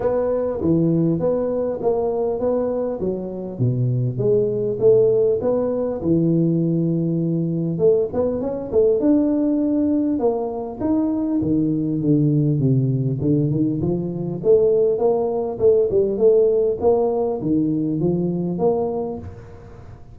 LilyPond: \new Staff \with { instrumentName = "tuba" } { \time 4/4 \tempo 4 = 100 b4 e4 b4 ais4 | b4 fis4 b,4 gis4 | a4 b4 e2~ | e4 a8 b8 cis'8 a8 d'4~ |
d'4 ais4 dis'4 dis4 | d4 c4 d8 dis8 f4 | a4 ais4 a8 g8 a4 | ais4 dis4 f4 ais4 | }